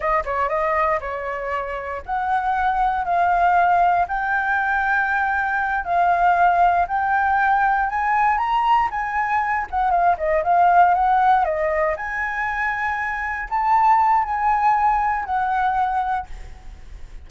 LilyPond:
\new Staff \with { instrumentName = "flute" } { \time 4/4 \tempo 4 = 118 dis''8 cis''8 dis''4 cis''2 | fis''2 f''2 | g''2.~ g''8 f''8~ | f''4. g''2 gis''8~ |
gis''8 ais''4 gis''4. fis''8 f''8 | dis''8 f''4 fis''4 dis''4 gis''8~ | gis''2~ gis''8 a''4. | gis''2 fis''2 | }